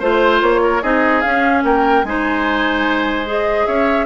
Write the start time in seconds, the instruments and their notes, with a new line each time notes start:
0.00 bassoon A3, clarinet F4, oboe C5, flute C5
0.42 bassoon A#3, flute C#5
0.63 oboe A#4
0.82 bassoon C4, clarinet D#4, oboe G#4, flute D#5
1.21 clarinet C#4, bassoon C#4, flute F5
1.64 bassoon A#3, oboe A#4, flute G5
2.04 bassoon G#3, clarinet D#4, oboe C5, flute G#5
3.26 clarinet G#4, flute D#5
3.67 bassoon C#4, oboe C#5, flute E5